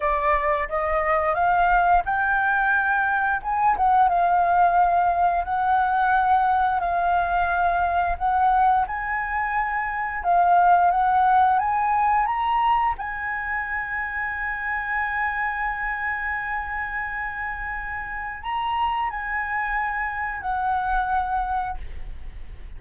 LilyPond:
\new Staff \with { instrumentName = "flute" } { \time 4/4 \tempo 4 = 88 d''4 dis''4 f''4 g''4~ | g''4 gis''8 fis''8 f''2 | fis''2 f''2 | fis''4 gis''2 f''4 |
fis''4 gis''4 ais''4 gis''4~ | gis''1~ | gis''2. ais''4 | gis''2 fis''2 | }